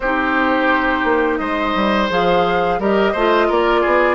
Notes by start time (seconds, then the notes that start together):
0.00 C4 D#4 G4 C5
1.03 A#3
1.37 G#3 C5 D#5
1.75 G3
2.10 F3 G#4 F5
2.79 G3 G4 A#4 D#5
3.12 A3 F4 C5
3.47 A#3 A#4 D5
3.81 B3 G#4